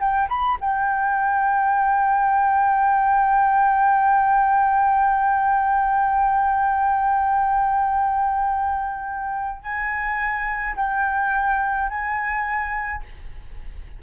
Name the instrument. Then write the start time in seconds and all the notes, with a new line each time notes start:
flute
0.00 G5
0.29 B5
0.61 G5
9.63 G#5
10.76 G5
11.89 G#5